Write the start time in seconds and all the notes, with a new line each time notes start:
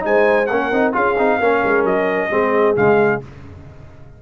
0.00 G#3 D#4 C5 G#5
0.46 A#3 C#4 A#4 F#5
0.72 C4 D#4
0.93 C#4 F4 G#4 F5
1.18 C4 D#4
1.38 A#3 C#4 A#4
1.64 G#3
1.84 F#3 D#5
2.30 G#3 C4 G#4
2.76 C#3 G#3 F5